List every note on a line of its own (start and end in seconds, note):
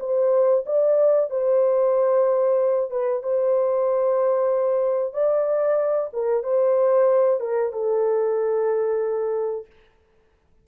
0.00 0.65 C5
0.66 1.30 D5
1.30 2.91 C5
2.91 3.23 B4
3.23 5.13 C5
5.13 6.10 D5
6.13 6.44 A#4
6.44 7.40 C5
7.40 7.73 A#4
7.73 9.67 A4